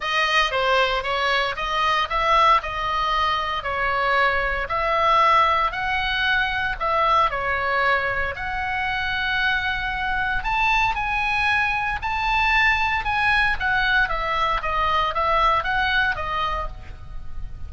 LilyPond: \new Staff \with { instrumentName = "oboe" } { \time 4/4 \tempo 4 = 115 dis''4 c''4 cis''4 dis''4 | e''4 dis''2 cis''4~ | cis''4 e''2 fis''4~ | fis''4 e''4 cis''2 |
fis''1 | a''4 gis''2 a''4~ | a''4 gis''4 fis''4 e''4 | dis''4 e''4 fis''4 dis''4 | }